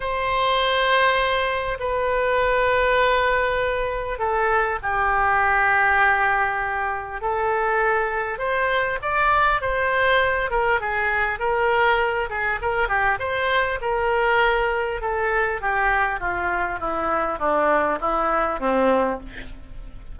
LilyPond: \new Staff \with { instrumentName = "oboe" } { \time 4/4 \tempo 4 = 100 c''2. b'4~ | b'2. a'4 | g'1 | a'2 c''4 d''4 |
c''4. ais'8 gis'4 ais'4~ | ais'8 gis'8 ais'8 g'8 c''4 ais'4~ | ais'4 a'4 g'4 f'4 | e'4 d'4 e'4 c'4 | }